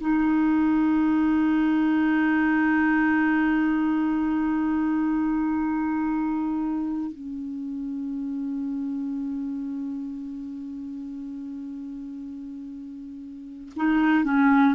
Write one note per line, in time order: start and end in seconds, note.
0.00 7.11 D#4
7.11 13.72 C#4
13.76 14.24 D#4
14.24 14.75 C#4